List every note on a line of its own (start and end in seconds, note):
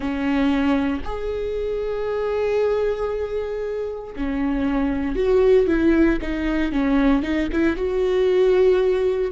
0.00 1.02 C#4
1.04 4.14 G#4
4.16 5.15 C#4
5.15 5.67 F#4
5.67 6.18 E4
6.21 6.71 D#4
6.71 7.22 C#4
7.22 7.48 D#4
7.52 7.76 E4
7.76 9.31 F#4